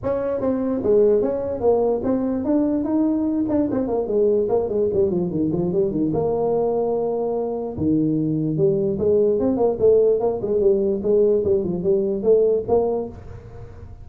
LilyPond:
\new Staff \with { instrumentName = "tuba" } { \time 4/4 \tempo 4 = 147 cis'4 c'4 gis4 cis'4 | ais4 c'4 d'4 dis'4~ | dis'8 d'8 c'8 ais8 gis4 ais8 gis8 | g8 f8 dis8 f8 g8 dis8 ais4~ |
ais2. dis4~ | dis4 g4 gis4 c'8 ais8 | a4 ais8 gis8 g4 gis4 | g8 f8 g4 a4 ais4 | }